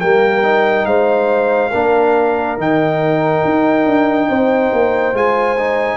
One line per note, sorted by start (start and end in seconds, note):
0.00 0.85 G3
0.00 0.42 A#3
0.00 0.86 A#4
0.00 0.85 G5
0.42 1.71 D#4
0.85 1.71 G#3
0.85 1.70 C5
0.85 2.57 F5
1.70 2.57 A#3
1.70 2.57 D4
1.70 4.27 A#4
2.57 3.43 D#3
2.57 5.14 D#4
2.57 5.16 G5
3.44 3.85 D#4
3.85 4.28 D4
4.28 4.72 C4
4.28 5.97 C5
4.72 5.13 A#3
5.13 5.97 G#3
5.13 5.56 F4
5.13 5.97 G#5
5.57 5.97 D#4